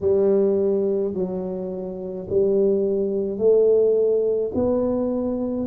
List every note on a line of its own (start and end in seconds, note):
0.00 1.13 G3
1.14 2.27 F#3
2.30 3.38 G3
3.38 4.51 A3
4.54 5.66 B3